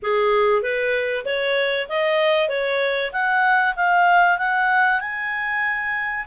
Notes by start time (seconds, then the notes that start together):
0.02 G#4
0.62 B4
1.25 C#5
1.89 D#5
2.49 C#5
3.12 F#5
3.76 F5
4.38 F#5
5.00 G#5